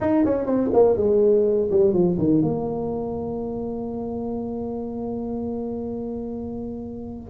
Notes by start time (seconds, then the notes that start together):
0.00 D#4
0.24 C#4
0.45 C4
0.73 A#3
0.96 G#3
1.70 G3
1.93 F3
2.18 D#3
2.42 A#3